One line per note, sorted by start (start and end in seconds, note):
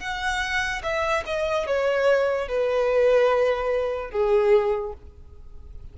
0.00 0.82 F#5
0.83 1.24 E5
1.26 1.67 D#5
1.67 2.48 C#5
2.48 4.11 B4
4.11 4.94 G#4